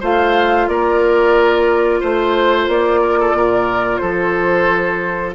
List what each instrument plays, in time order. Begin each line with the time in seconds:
0.00 bassoon A3, clarinet F4, oboe C5, flute F5
0.67 bassoon A#3, oboe A#4, flute D5
2.00 bassoon A3, oboe C5, flute C5
2.67 bassoon A#3, flute D5
3.02 oboe A#4
3.20 oboe A4
3.33 bassoon A#2, oboe A#4
3.97 bassoon F3, oboe A4, flute C5